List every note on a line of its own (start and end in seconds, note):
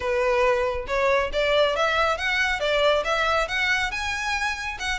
0.00 0.86 B4
0.87 1.30 C#5
1.32 1.75 D5
1.75 2.17 E5
2.17 2.60 F#5
2.60 3.03 D5
3.04 3.48 E5
3.48 3.91 F#5
3.91 4.78 G#5
4.79 4.99 F#5